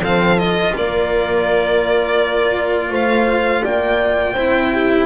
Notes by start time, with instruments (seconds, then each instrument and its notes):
0.00 double bass F3, cello C4, horn A4, violin F5
0.38 cello F4, violin D#5
0.76 double bass A#3, horn A#4, violin D5
2.90 double bass A3, horn C5, violin F5
3.64 double bass A#3, horn D5, violin G5
4.34 double bass C4, cello E4, horn C5
4.73 horn G4